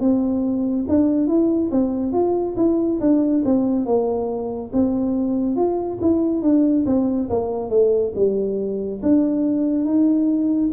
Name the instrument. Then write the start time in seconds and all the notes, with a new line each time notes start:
tuba
0.00 C4
0.88 D4
1.27 E4
1.71 C4
2.12 F4
2.56 E4
3.00 D4
3.45 C4
3.85 A#3
4.73 C4
5.56 F4
6.01 E4
6.42 D4
6.86 C4
7.30 A#3
7.69 A3
8.15 G3
9.02 D4
9.85 D#4